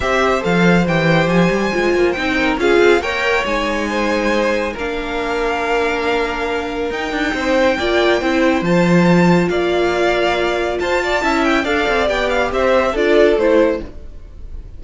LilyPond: <<
  \new Staff \with { instrumentName = "violin" } { \time 4/4 \tempo 4 = 139 e''4 f''4 g''4 gis''4~ | gis''4 g''4 f''4 g''4 | gis''2. f''4~ | f''1 |
g''1 | a''2 f''2~ | f''4 a''4. g''8 f''4 | g''8 f''8 e''4 d''4 c''4 | }
  \new Staff \with { instrumentName = "violin" } { \time 4/4 c''1~ | c''4. ais'8 gis'4 cis''4~ | cis''4 c''2 ais'4~ | ais'1~ |
ais'4 c''4 d''4 c''4~ | c''2 d''2~ | d''4 c''8 d''8 e''4 d''4~ | d''4 c''4 a'2 | }
  \new Staff \with { instrumentName = "viola" } { \time 4/4 g'4 a'4 g'2 | f'4 dis'4 f'4 ais'4 | dis'2. d'4~ | d'1 |
dis'2 f'4 e'4 | f'1~ | f'2 e'4 a'4 | g'2 f'4 e'4 | }
  \new Staff \with { instrumentName = "cello" } { \time 4/4 c'4 f4 e4 f8 g8 | gis8 ais8 c'4 cis'8 c'8 ais4 | gis2. ais4~ | ais1 |
dis'8 d'8 c'4 ais4 c'4 | f2 ais2~ | ais4 f'4 cis'4 d'8 c'8 | b4 c'4 d'4 a4 | }
>>